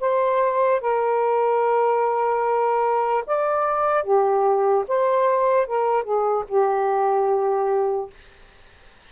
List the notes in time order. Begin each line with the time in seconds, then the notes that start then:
0.00 C5
0.81 A#4
3.27 D5
4.04 G4
4.88 C5
5.67 A#4
6.04 G#4
6.48 G4